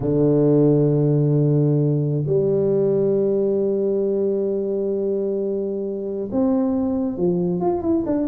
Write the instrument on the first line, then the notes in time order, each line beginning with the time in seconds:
tuba
0.00 D3
2.26 G3
6.31 C4
7.17 F3
7.60 F4
7.81 E4
8.06 D4